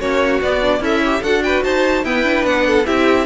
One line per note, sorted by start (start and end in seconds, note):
0.00 0.41 A#3
0.00 0.41 C#4
0.00 0.81 F#4
0.00 0.41 C#5
0.41 0.80 B3
0.41 0.62 B3
0.41 0.83 D5
0.62 0.82 D4
0.80 1.21 C#4
0.80 1.22 E4
0.80 1.03 A4
0.80 1.24 E5
1.05 1.24 G4
1.23 1.64 D4
1.23 2.05 F#4
1.23 1.43 A4
1.23 1.43 F#5
1.43 1.64 B4
1.43 1.64 G5
1.64 2.04 D#4
1.64 2.05 C5
1.64 2.05 A5
2.04 2.24 B3
2.04 2.45 E4
2.04 2.67 B4
2.04 2.45 G5
2.24 2.85 D4
2.45 2.86 B3
2.45 2.86 F#5
2.67 2.87 A4
2.85 3.27 C4
2.85 3.26 E4
2.85 3.27 G4
2.85 3.27 E5